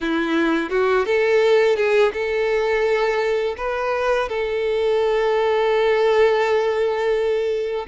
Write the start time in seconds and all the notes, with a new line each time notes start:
0.00 E4
0.70 F#4
1.05 A4
1.76 G#4
2.12 A4
3.57 B4
4.29 A4